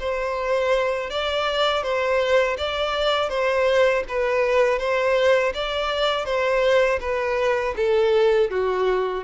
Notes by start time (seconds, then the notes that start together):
0.00 C5
1.10 D5
1.83 C5
2.58 D5
3.30 C5
4.08 B4
4.79 C5
5.54 D5
6.26 C5
7.01 B4
7.77 A4
8.51 F#4